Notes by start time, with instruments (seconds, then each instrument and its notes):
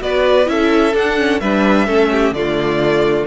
0.00 cello B3, viola F#4, violin B4 D5
0.45 cello C#4, viola E4, violin A4 E5
0.93 cello D4, viola D4, violin F#5
1.18 viola C#4
1.40 cello G3, viola D4, violin B4 E5
1.86 cello A3, viola C#4, violin A4
2.11 violin G4
2.31 cello D3, viola A3, violin F4 D5